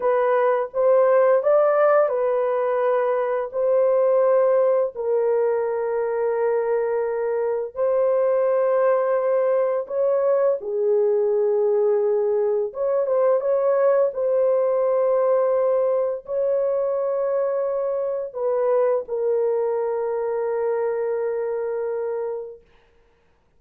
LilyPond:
\new Staff \with { instrumentName = "horn" } { \time 4/4 \tempo 4 = 85 b'4 c''4 d''4 b'4~ | b'4 c''2 ais'4~ | ais'2. c''4~ | c''2 cis''4 gis'4~ |
gis'2 cis''8 c''8 cis''4 | c''2. cis''4~ | cis''2 b'4 ais'4~ | ais'1 | }